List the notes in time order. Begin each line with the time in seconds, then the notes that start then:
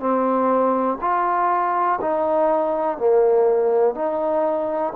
0.00 C4
1.01 F4
2.01 D#4
2.98 A#3
3.94 D#4